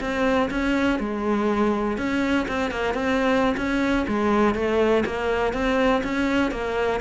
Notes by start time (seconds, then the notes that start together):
0.00 C4
0.50 C#4
0.99 G#3
1.97 C#4
2.48 C4
2.70 A#3
2.94 C4
3.57 C#4
4.08 G#3
4.54 A3
5.05 A#3
5.53 C4
6.03 C#4
6.51 A#3